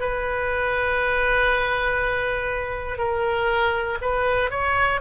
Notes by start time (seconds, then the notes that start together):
0.00 B4
2.98 A#4
4.01 B4
4.50 C#5